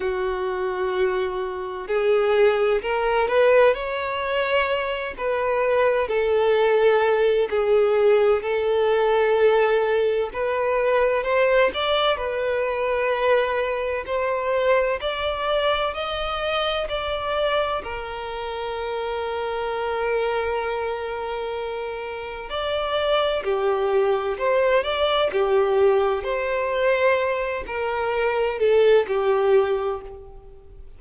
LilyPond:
\new Staff \with { instrumentName = "violin" } { \time 4/4 \tempo 4 = 64 fis'2 gis'4 ais'8 b'8 | cis''4. b'4 a'4. | gis'4 a'2 b'4 | c''8 d''8 b'2 c''4 |
d''4 dis''4 d''4 ais'4~ | ais'1 | d''4 g'4 c''8 d''8 g'4 | c''4. ais'4 a'8 g'4 | }